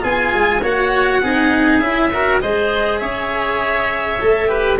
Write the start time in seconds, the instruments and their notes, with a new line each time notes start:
0.00 tuba B3, cello F4, oboe G#4, violin G#5
0.33 tuba G#3
0.62 tuba A#3, cello F#4, oboe C#5, violin F#5
1.22 tuba C4, cello D#4, oboe G#4
1.79 tuba C#4, cello E4, violin E5
2.13 cello F#4, oboe A#4
2.40 tuba G#3, cello G#4, oboe C5, violin D#5
2.99 tuba C#4, oboe C#5, violin E5
4.20 tuba A3, cello A4
4.47 cello G4, oboe B4